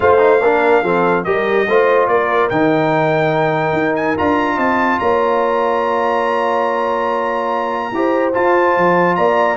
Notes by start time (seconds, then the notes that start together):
0.00 A3 F4 C5 F5
0.18 D#4
0.41 A#3 D4 A#4
0.82 F3 C4 A4
1.24 G3 G4 A#4 D#5
1.67 A3 F4 C5
2.07 A#3 A#4 D5
2.49 D#3 D#4 G5
3.73 D#4
3.95 G#5
4.17 D4 F4 A#5
4.55 C4 D#5 A5
4.99 A#3 C#5 A#5
7.91 E4 G4 C5
8.33 F4 A5
8.76 F3
9.15 A#3 D5 A#5